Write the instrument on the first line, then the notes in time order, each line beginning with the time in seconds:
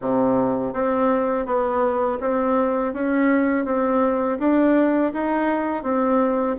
bassoon
0.01 C3
0.73 C4
1.45 B3
2.20 C4
2.93 C#4
3.65 C4
4.39 D4
5.13 D#4
5.83 C4